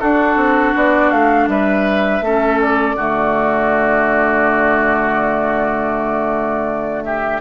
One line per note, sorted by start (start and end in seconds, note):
0.00 2.22 D4
0.00 0.36 D4
0.00 1.48 F#4
0.00 0.74 A4
0.36 0.73 C4
0.75 1.11 B3
0.75 1.11 D5
1.11 1.48 A3
1.11 1.48 F5
1.48 2.21 G3
1.48 2.25 B4
1.48 2.60 E5
2.21 2.95 A3
2.21 2.97 C#4
2.21 2.96 A4
2.61 7.03 D5
2.96 7.41 D3
2.96 7.41 A3
2.96 7.04 F#4
7.03 7.41 G4
7.03 7.40 E5